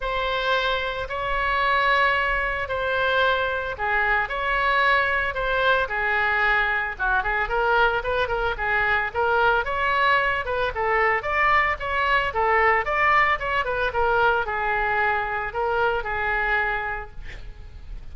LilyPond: \new Staff \with { instrumentName = "oboe" } { \time 4/4 \tempo 4 = 112 c''2 cis''2~ | cis''4 c''2 gis'4 | cis''2 c''4 gis'4~ | gis'4 fis'8 gis'8 ais'4 b'8 ais'8 |
gis'4 ais'4 cis''4. b'8 | a'4 d''4 cis''4 a'4 | d''4 cis''8 b'8 ais'4 gis'4~ | gis'4 ais'4 gis'2 | }